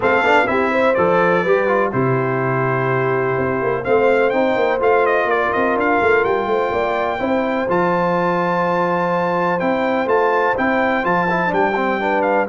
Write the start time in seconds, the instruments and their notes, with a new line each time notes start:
0.00 tuba A3, trombone C4, horn A4, trumpet F5
0.22 tuba B3, trombone D4
0.46 tuba C4, trombone E4, horn G4, trumpet E5
0.71 horn C5
0.94 tuba F3, trombone A4, trumpet D5
1.42 tuba G3, trombone G4, horn B4
1.67 trombone F4
1.92 tuba C3, trombone E4, horn G4, trumpet C5
3.38 tuba C4
3.62 tuba A#3
3.84 tuba A3, trombone C4, horn C5, trumpet F5
4.30 tuba C4, trombone D#4, trumpet G5
4.55 tuba A#3
4.79 tuba A3, trombone F4, trumpet F5
5.06 trumpet D#5
5.25 tuba A#3, horn A#4, trumpet D5
5.52 tuba C4, trumpet D#5
5.75 tuba D4, trumpet F5
6.01 tuba A3
6.24 tuba G3, trumpet G5
6.46 tuba A3, horn C5
6.71 tuba A#3, horn D5
7.18 tuba C4, trombone E4, horn C5
7.69 tuba F3, trombone F4, trumpet A5
9.59 tuba C4, trombone E4, trumpet G5
10.06 tuba A3, trombone F4, trumpet A5
10.56 tuba C4, trombone E4, trumpet G5
11.03 tuba F3, trombone F4, trumpet A5
11.29 trombone E4
11.47 tuba G3, trombone D4, trumpet G5
11.75 trombone C4
11.99 trombone D4, horn B4
12.22 trumpet F5